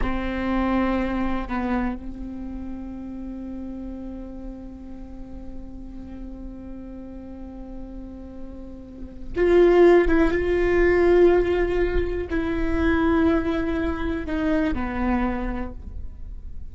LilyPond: \new Staff \with { instrumentName = "viola" } { \time 4/4 \tempo 4 = 122 c'2. b4 | c'1~ | c'1~ | c'1~ |
c'2. f'4~ | f'8 e'8 f'2.~ | f'4 e'2.~ | e'4 dis'4 b2 | }